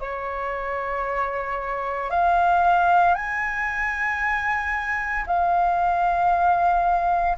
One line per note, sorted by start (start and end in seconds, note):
0.00 2.11 C#5
2.11 3.15 F5
3.15 5.25 G#5
5.27 7.37 F5